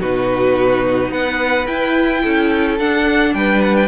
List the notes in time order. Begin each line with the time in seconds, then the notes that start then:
0.00 B2 D#4 F#4 B4
1.11 B3 B4 F#5
1.67 E4 G5
2.23 C#4 A4
2.79 D4 F#5
3.34 G3 B4 G5
3.62 F#5
3.76 G5